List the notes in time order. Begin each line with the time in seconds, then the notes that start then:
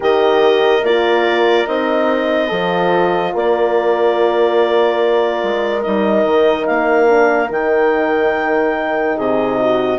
0.00 D#3 G4 A#4 D#5
0.82 A#3 F4 D5
1.66 C4 D#4 D#5
2.48 F3 F4 A4
3.33 A#3 A#4 D5
5.43 G#3
5.82 G3 D#4 D#5
6.23 D#3
6.66 A#3 F5
7.06 D4
7.49 D#3 D#4 G5
9.17 C3 G#4 D#5
9.59 F#4